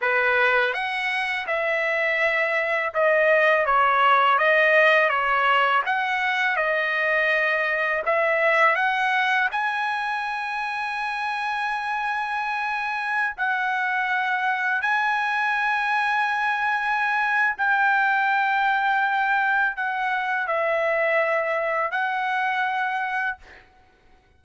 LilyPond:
\new Staff \with { instrumentName = "trumpet" } { \time 4/4 \tempo 4 = 82 b'4 fis''4 e''2 | dis''4 cis''4 dis''4 cis''4 | fis''4 dis''2 e''4 | fis''4 gis''2.~ |
gis''2~ gis''16 fis''4.~ fis''16~ | fis''16 gis''2.~ gis''8. | g''2. fis''4 | e''2 fis''2 | }